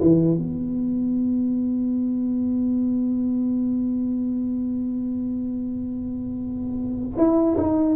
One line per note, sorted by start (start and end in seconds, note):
0.00 0.37 E3
0.37 7.18 B3
7.18 7.57 E4
7.58 7.96 D#4